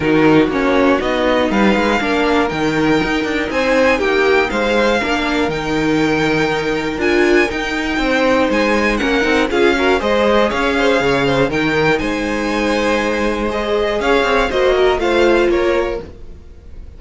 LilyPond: <<
  \new Staff \with { instrumentName = "violin" } { \time 4/4 \tempo 4 = 120 ais'4 cis''4 dis''4 f''4~ | f''4 g''2 gis''4 | g''4 f''2 g''4~ | g''2 gis''4 g''4~ |
g''4 gis''4 fis''4 f''4 | dis''4 f''2 g''4 | gis''2. dis''4 | f''4 dis''4 f''4 cis''4 | }
  \new Staff \with { instrumentName = "violin" } { \time 4/4 fis'2. b'4 | ais'2. c''4 | g'4 c''4 ais'2~ | ais'1 |
c''2 ais'4 gis'8 ais'8 | c''4 cis''8 c''8 cis''8 c''8 ais'4 | c''1 | cis''4 c''8 ais'8 c''4 ais'4 | }
  \new Staff \with { instrumentName = "viola" } { \time 4/4 dis'4 cis'4 dis'2 | d'4 dis'2.~ | dis'2 d'4 dis'4~ | dis'2 f'4 dis'4~ |
dis'2 cis'8 dis'8 f'8 fis'8 | gis'2. dis'4~ | dis'2. gis'4~ | gis'4 fis'4 f'2 | }
  \new Staff \with { instrumentName = "cello" } { \time 4/4 dis4 ais4 b4 g8 gis8 | ais4 dis4 dis'8 d'8 c'4 | ais4 gis4 ais4 dis4~ | dis2 d'4 dis'4 |
c'4 gis4 ais8 c'8 cis'4 | gis4 cis'4 cis4 dis4 | gis1 | cis'8 c'8 ais4 a4 ais4 | }
>>